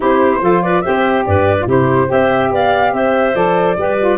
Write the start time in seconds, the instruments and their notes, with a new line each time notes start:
0.00 tuba C4, saxophone E4, clarinet G4, flute C5
0.40 tuba F3, saxophone F4, clarinet A4
0.62 clarinet B4, flute D5
0.81 tuba C4, saxophone G4, clarinet C5, flute E5
1.26 tuba G2, clarinet B4, flute D5
1.60 saxophone F4
1.66 tuba C3, saxophone E4, clarinet G4, flute C5
2.07 tuba C4, saxophone G4, clarinet C5, flute E5
2.51 tuba B3, clarinet D5, flute F5
2.92 tuba C4, clarinet C5, flute E5
3.34 tuba F3, saxophone A4, flute D5
3.77 tuba G3, saxophone G4, clarinet B4
3.99 saxophone F4